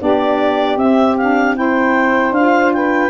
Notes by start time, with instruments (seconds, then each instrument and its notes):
0.00 tuba B3, saxophone D4 G4, clarinet D5
0.77 tuba C4, saxophone C4, clarinet E5
1.18 saxophone D4, clarinet F5
1.56 saxophone E4 C5, clarinet G5
2.32 tuba D4, saxophone F4, clarinet F5
2.74 saxophone B4, clarinet G5